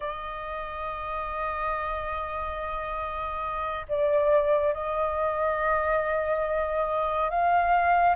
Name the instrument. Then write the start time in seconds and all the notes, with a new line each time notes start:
flute
0.00 D#5
3.88 D5
4.73 D#5
7.30 F5